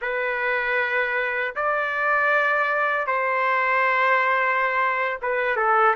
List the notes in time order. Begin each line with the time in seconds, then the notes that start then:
0.01 B4
1.55 D5
3.06 C5
5.21 B4
5.56 A4